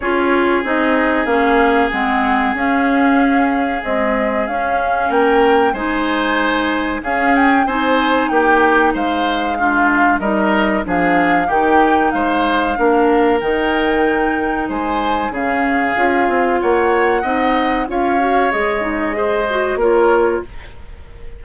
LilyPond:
<<
  \new Staff \with { instrumentName = "flute" } { \time 4/4 \tempo 4 = 94 cis''4 dis''4 f''4 fis''4 | f''2 dis''4 f''4 | g''4 gis''2 f''8 g''8 | gis''4 g''4 f''2 |
dis''4 f''4 g''4 f''4~ | f''4 g''2 gis''4 | f''2 fis''2 | f''4 dis''2 cis''4 | }
  \new Staff \with { instrumentName = "oboe" } { \time 4/4 gis'1~ | gis'1 | ais'4 c''2 gis'4 | c''4 g'4 c''4 f'4 |
ais'4 gis'4 g'4 c''4 | ais'2. c''4 | gis'2 cis''4 dis''4 | cis''2 c''4 ais'4 | }
  \new Staff \with { instrumentName = "clarinet" } { \time 4/4 f'4 dis'4 cis'4 c'4 | cis'2 gis4 cis'4~ | cis'4 dis'2 cis'4 | dis'2. d'4 |
dis'4 d'4 dis'2 | d'4 dis'2. | cis'4 f'2 dis'4 | f'8 fis'8 gis'8 dis'8 gis'8 fis'8 f'4 | }
  \new Staff \with { instrumentName = "bassoon" } { \time 4/4 cis'4 c'4 ais4 gis4 | cis'2 c'4 cis'4 | ais4 gis2 cis'4 | c'4 ais4 gis2 |
g4 f4 dis4 gis4 | ais4 dis2 gis4 | cis4 cis'8 c'8 ais4 c'4 | cis'4 gis2 ais4 | }
>>